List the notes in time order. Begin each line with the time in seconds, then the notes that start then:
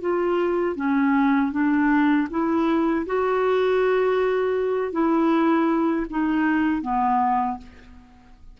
0.00 F4
0.76 C#4
1.52 D4
2.30 E4
3.06 F#4
4.92 E4
6.10 D#4
6.81 B3